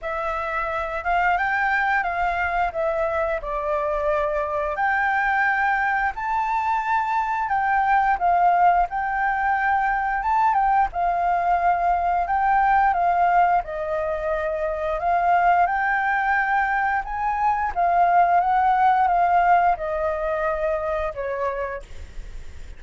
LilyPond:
\new Staff \with { instrumentName = "flute" } { \time 4/4 \tempo 4 = 88 e''4. f''8 g''4 f''4 | e''4 d''2 g''4~ | g''4 a''2 g''4 | f''4 g''2 a''8 g''8 |
f''2 g''4 f''4 | dis''2 f''4 g''4~ | g''4 gis''4 f''4 fis''4 | f''4 dis''2 cis''4 | }